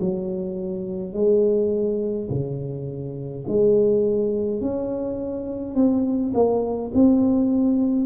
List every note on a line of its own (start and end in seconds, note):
0.00 1.13 F#3
1.13 2.29 G#3
2.29 3.45 C#3
3.48 4.60 G#3
4.60 5.74 C#4
5.74 6.32 C4
6.34 6.91 A#3
6.94 8.05 C4